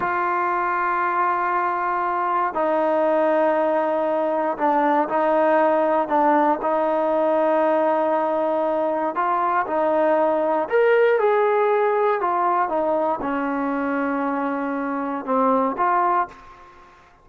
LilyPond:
\new Staff \with { instrumentName = "trombone" } { \time 4/4 \tempo 4 = 118 f'1~ | f'4 dis'2.~ | dis'4 d'4 dis'2 | d'4 dis'2.~ |
dis'2 f'4 dis'4~ | dis'4 ais'4 gis'2 | f'4 dis'4 cis'2~ | cis'2 c'4 f'4 | }